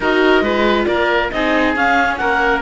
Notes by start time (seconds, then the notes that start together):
0.00 D#4 F#4 A#4 D#5
0.41 G#3 F4 B4
0.85 A#3 A#4 D5
1.31 C4 D#4 G#4 D#5
1.75 C#4 F5
2.17 A#3 A#4 F#5